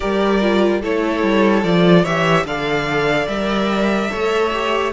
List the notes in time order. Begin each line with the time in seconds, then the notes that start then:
0.00 G3 G4 A#4 D5
0.41 F4
0.81 A3 E4 A4 C#5
1.22 G3
1.63 F3 F4 D5
2.02 E3 G4 C#5 E5
2.44 D3 A4 D5 F5
3.27 G3 A#4 E5
4.10 A3 A4 C#5
4.52 G4